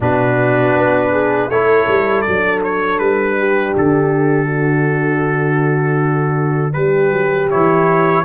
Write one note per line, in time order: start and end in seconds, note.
0.00 0.75 B2
0.00 1.50 D4
0.00 1.11 F#4
0.00 1.50 B4
0.75 1.49 B3
1.11 1.48 G#4
1.49 1.87 A3
1.49 2.26 E4
1.49 3.38 A4
1.49 2.21 C#5
1.87 2.24 G3
2.21 2.99 F#3
2.21 7.50 D4
2.21 2.59 D5
2.64 2.98 C#5
2.98 3.74 G3
2.98 3.73 B4
3.38 4.46 G4
3.77 6.75 D3
3.77 6.73 A4
4.46 6.71 F#4
6.73 7.10 G3
6.73 8.24 G4
6.73 7.48 B4
7.10 7.48 F#3
7.50 8.24 E3
7.50 8.24 E4
7.50 8.24 C#5